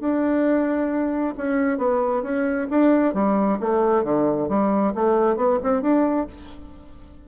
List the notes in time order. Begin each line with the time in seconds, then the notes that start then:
0.00 D4
1.38 C#4
1.78 B3
2.23 C#4
2.70 D4
3.14 G3
3.60 A3
4.04 D3
4.49 G3
4.95 A3
5.37 B3
5.63 C4
5.82 D4